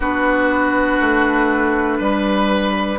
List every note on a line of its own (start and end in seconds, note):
0.00 0.99 B3
0.00 2.98 D4
0.00 1.98 F#4
0.00 2.98 B4
1.00 2.00 A3
1.98 2.98 G3
1.98 2.98 B4